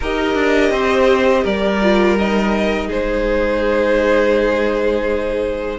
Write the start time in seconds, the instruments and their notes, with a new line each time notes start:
0.00 cello D#4, viola G4, violin A#4 D#5
0.34 cello D4
0.70 cello C4, violin C5
1.43 cello G3, violin A#4 D5
1.82 viola F4
2.18 viola D#4, violin D#5
2.87 cello G#3, violin G#4 C5